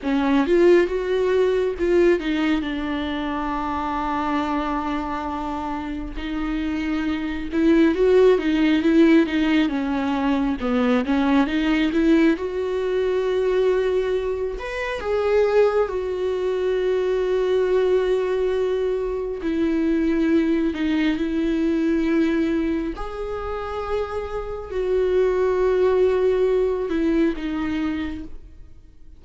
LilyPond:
\new Staff \with { instrumentName = "viola" } { \time 4/4 \tempo 4 = 68 cis'8 f'8 fis'4 f'8 dis'8 d'4~ | d'2. dis'4~ | dis'8 e'8 fis'8 dis'8 e'8 dis'8 cis'4 | b8 cis'8 dis'8 e'8 fis'2~ |
fis'8 b'8 gis'4 fis'2~ | fis'2 e'4. dis'8 | e'2 gis'2 | fis'2~ fis'8 e'8 dis'4 | }